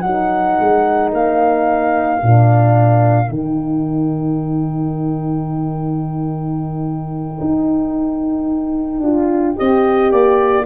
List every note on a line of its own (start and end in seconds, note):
0.00 0.58 F#3
0.00 2.22 D#4
0.00 9.57 A#4
0.00 1.09 F#5
0.59 1.12 G#3
1.12 2.21 A#3
1.12 3.31 F5
2.22 3.29 A#2
2.22 3.26 D4
3.26 7.38 D#3
3.26 8.99 D#4
3.26 10.66 G5
7.40 9.00 D#4
9.00 9.55 D4
9.00 9.56 F4
9.56 10.11 C4
9.56 10.65 G4
9.56 10.11 D#5
10.11 10.66 A#3
10.11 10.65 D5